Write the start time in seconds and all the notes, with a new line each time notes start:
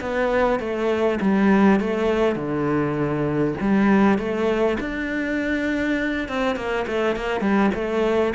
0.00 B3
0.59 A3
1.21 G3
1.80 A3
2.35 D3
3.60 G3
4.18 A3
4.80 D4
6.28 C4
6.56 A#3
6.87 A3
7.16 A#3
7.40 G3
7.74 A3